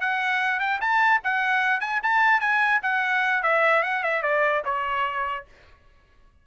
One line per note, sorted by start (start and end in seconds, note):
0.00 0.59 F#5
0.59 0.79 G5
0.80 1.20 A5
1.23 1.80 F#5
1.80 2.00 G#5
2.02 2.40 A5
2.40 2.80 G#5
2.82 3.42 F#5
3.42 3.83 E5
3.83 4.03 F#5
4.03 4.22 E5
4.22 4.62 D5
4.64 5.45 C#5